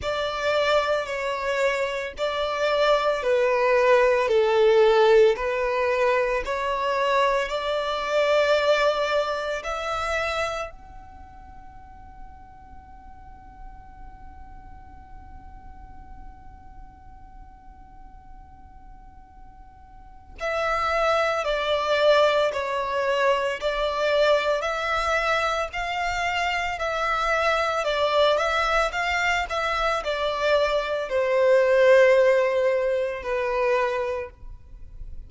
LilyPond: \new Staff \with { instrumentName = "violin" } { \time 4/4 \tempo 4 = 56 d''4 cis''4 d''4 b'4 | a'4 b'4 cis''4 d''4~ | d''4 e''4 fis''2~ | fis''1~ |
fis''2. e''4 | d''4 cis''4 d''4 e''4 | f''4 e''4 d''8 e''8 f''8 e''8 | d''4 c''2 b'4 | }